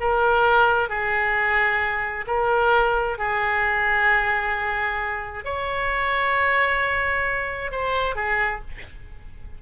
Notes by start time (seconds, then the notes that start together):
0.00 A#4
0.89 G#4
2.27 A#4
3.18 G#4
5.44 C#5
7.71 C5
8.15 G#4